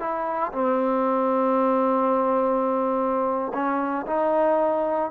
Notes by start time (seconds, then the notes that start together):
0.00 E4
0.52 C4
3.54 C#4
4.07 D#4